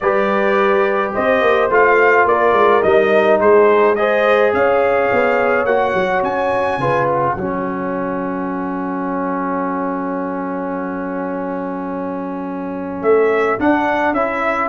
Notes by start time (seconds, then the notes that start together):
0.00 G3 G4 B4 D5
1.13 C4 C5 D#5
1.41 A#3
1.70 A3 F4 F5
2.25 A#3 A#4 D5
2.53 G#3
2.82 G3 D#4 D#5
3.40 G#3 G#4 C5
3.95 G#4 C5 D#5
4.53 C#4 C#5 F5
5.12 B3
5.65 A#3 F#4 F#5
5.94 F#3
6.22 C#4 G#5
6.78 C#3 F4 B4
7.07 F#5
7.35 F#3 C#4 A4
13.02 A3 E5
13.59 D4 F#5
14.12 C#4 E4 E5